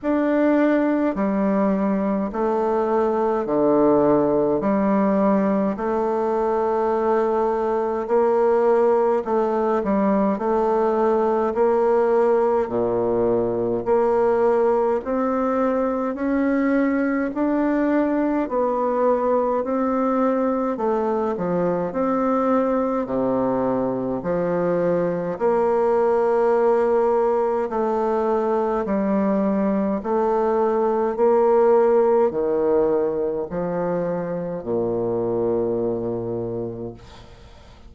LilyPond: \new Staff \with { instrumentName = "bassoon" } { \time 4/4 \tempo 4 = 52 d'4 g4 a4 d4 | g4 a2 ais4 | a8 g8 a4 ais4 ais,4 | ais4 c'4 cis'4 d'4 |
b4 c'4 a8 f8 c'4 | c4 f4 ais2 | a4 g4 a4 ais4 | dis4 f4 ais,2 | }